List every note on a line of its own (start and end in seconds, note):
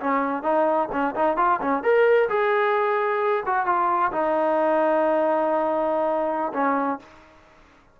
0.00 0.43 C#4
0.43 0.89 D#4
0.92 1.15 C#4
1.15 1.37 D#4
1.37 1.60 F4
1.61 1.83 C#4
1.83 2.29 A#4
2.29 3.44 G#4
3.46 3.66 F#4
3.66 4.12 F4
4.12 6.52 D#4
6.53 6.99 C#4